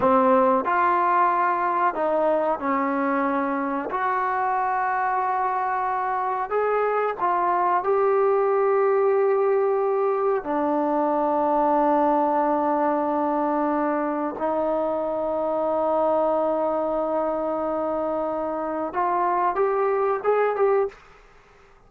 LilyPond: \new Staff \with { instrumentName = "trombone" } { \time 4/4 \tempo 4 = 92 c'4 f'2 dis'4 | cis'2 fis'2~ | fis'2 gis'4 f'4 | g'1 |
d'1~ | d'2 dis'2~ | dis'1~ | dis'4 f'4 g'4 gis'8 g'8 | }